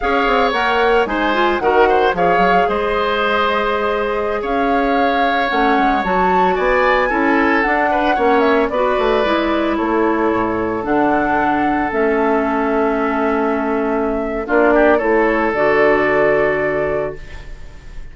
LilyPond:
<<
  \new Staff \with { instrumentName = "flute" } { \time 4/4 \tempo 4 = 112 f''4 fis''4 gis''4 fis''4 | f''4 dis''2.~ | dis''16 f''2 fis''4 a''8.~ | a''16 gis''2 fis''4. e''16~ |
e''16 d''2 cis''4.~ cis''16~ | cis''16 fis''2 e''4.~ e''16~ | e''2. d''4 | cis''4 d''2. | }
  \new Staff \with { instrumentName = "oboe" } { \time 4/4 cis''2 c''4 ais'8 c''8 | cis''4 c''2.~ | c''16 cis''2.~ cis''8.~ | cis''16 d''4 a'4. b'8 cis''8.~ |
cis''16 b'2 a'4.~ a'16~ | a'1~ | a'2. f'8 g'8 | a'1 | }
  \new Staff \with { instrumentName = "clarinet" } { \time 4/4 gis'4 ais'4 dis'8 f'8 fis'4 | gis'1~ | gis'2~ gis'16 cis'4 fis'8.~ | fis'4~ fis'16 e'4 d'4 cis'8.~ |
cis'16 fis'4 e'2~ e'8.~ | e'16 d'2 cis'4.~ cis'16~ | cis'2. d'4 | e'4 fis'2. | }
  \new Staff \with { instrumentName = "bassoon" } { \time 4/4 cis'8 c'8 ais4 gis4 dis4 | f8 fis8 gis2.~ | gis16 cis'2 a8 gis8 fis8.~ | fis16 b4 cis'4 d'4 ais8.~ |
ais16 b8 a8 gis4 a4 a,8.~ | a,16 d2 a4.~ a16~ | a2. ais4 | a4 d2. | }
>>